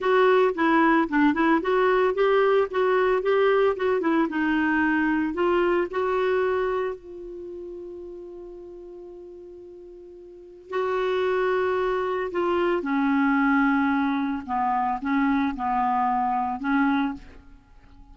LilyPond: \new Staff \with { instrumentName = "clarinet" } { \time 4/4 \tempo 4 = 112 fis'4 e'4 d'8 e'8 fis'4 | g'4 fis'4 g'4 fis'8 e'8 | dis'2 f'4 fis'4~ | fis'4 f'2.~ |
f'1 | fis'2. f'4 | cis'2. b4 | cis'4 b2 cis'4 | }